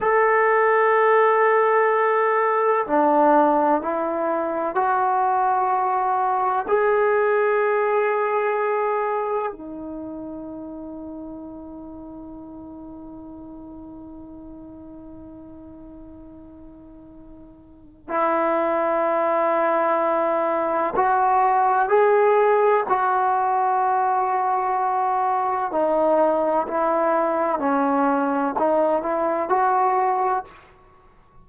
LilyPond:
\new Staff \with { instrumentName = "trombone" } { \time 4/4 \tempo 4 = 63 a'2. d'4 | e'4 fis'2 gis'4~ | gis'2 dis'2~ | dis'1~ |
dis'2. e'4~ | e'2 fis'4 gis'4 | fis'2. dis'4 | e'4 cis'4 dis'8 e'8 fis'4 | }